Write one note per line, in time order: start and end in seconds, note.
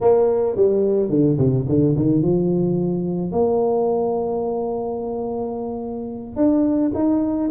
0.00 0.56 A#3
0.56 1.09 G3
1.09 1.37 D3
1.38 1.65 C3
1.68 1.96 D3
1.96 2.21 D#3
2.21 3.31 F3
3.31 6.36 A#3
6.36 6.91 D4
6.94 7.49 D#4